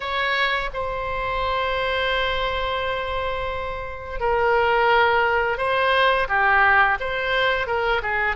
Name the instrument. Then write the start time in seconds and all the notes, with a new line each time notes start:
oboe
0.00 C#5
0.73 C5
4.20 A#4
5.57 C5
6.28 G4
7.00 C5
7.66 A#4
8.02 G#4